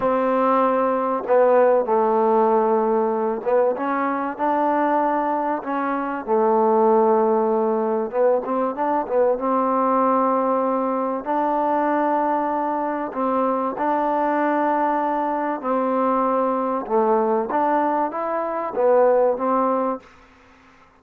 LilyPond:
\new Staff \with { instrumentName = "trombone" } { \time 4/4 \tempo 4 = 96 c'2 b4 a4~ | a4. b8 cis'4 d'4~ | d'4 cis'4 a2~ | a4 b8 c'8 d'8 b8 c'4~ |
c'2 d'2~ | d'4 c'4 d'2~ | d'4 c'2 a4 | d'4 e'4 b4 c'4 | }